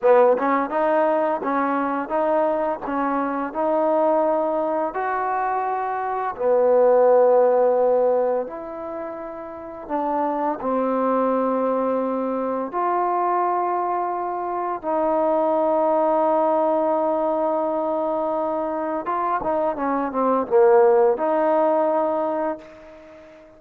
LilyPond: \new Staff \with { instrumentName = "trombone" } { \time 4/4 \tempo 4 = 85 b8 cis'8 dis'4 cis'4 dis'4 | cis'4 dis'2 fis'4~ | fis'4 b2. | e'2 d'4 c'4~ |
c'2 f'2~ | f'4 dis'2.~ | dis'2. f'8 dis'8 | cis'8 c'8 ais4 dis'2 | }